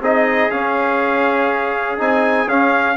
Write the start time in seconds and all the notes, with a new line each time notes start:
0.00 C4 D#4 G#4 D#5
0.50 C#4 F5
1.97 C4 D#4 G#5
2.46 C#4 F5